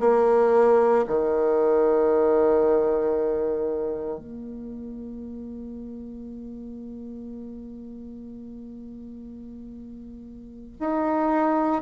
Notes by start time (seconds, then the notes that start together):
0.00 A#3
1.08 D#3
4.19 A#3
10.80 D#4